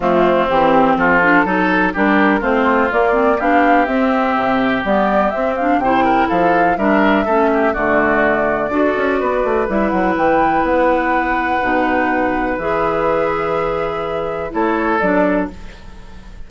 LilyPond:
<<
  \new Staff \with { instrumentName = "flute" } { \time 4/4 \tempo 4 = 124 f'4 g'4 a'2 | ais'4 c''4 d''4 f''4 | e''2 d''4 e''8 f''8 | g''4 f''4 e''2 |
d''1 | e''8 fis''8 g''4 fis''2~ | fis''2 e''2~ | e''2 cis''4 d''4 | }
  \new Staff \with { instrumentName = "oboe" } { \time 4/4 c'2 f'4 a'4 | g'4 f'2 g'4~ | g'1 | c''8 ais'8 a'4 ais'4 a'8 g'8 |
fis'2 a'4 b'4~ | b'1~ | b'1~ | b'2 a'2 | }
  \new Staff \with { instrumentName = "clarinet" } { \time 4/4 a4 c'4. d'8 dis'4 | d'4 c'4 ais8 c'8 d'4 | c'2 b4 c'8 d'8 | e'2 d'4 cis'4 |
a2 fis'2 | e'1 | dis'2 gis'2~ | gis'2 e'4 d'4 | }
  \new Staff \with { instrumentName = "bassoon" } { \time 4/4 f4 e4 f4 fis4 | g4 a4 ais4 b4 | c'4 c4 g4 c'4 | c4 f4 g4 a4 |
d2 d'8 cis'8 b8 a8 | g8 fis8 e4 b2 | b,2 e2~ | e2 a4 fis4 | }
>>